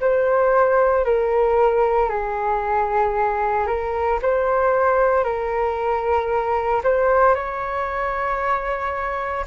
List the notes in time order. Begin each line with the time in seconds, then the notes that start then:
0.00 C5
1.04 A#4
2.09 G#4
3.67 A#4
4.22 C5
5.23 A#4
6.83 C5
7.34 C#5